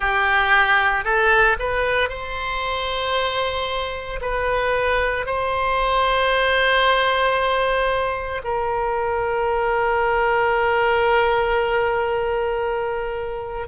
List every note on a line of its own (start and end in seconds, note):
0.00 1.04 G4
1.04 1.56 A4
1.59 2.09 B4
2.09 4.20 C5
4.21 5.25 B4
5.25 8.41 C5
8.44 13.67 A#4